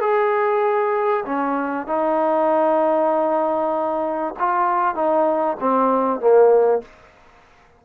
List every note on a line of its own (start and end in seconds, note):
0.00 1.24 G#4
1.25 1.86 C#4
1.86 4.34 D#4
4.39 4.95 F4
4.95 5.57 D#4
5.60 6.20 C4
6.20 6.82 A#3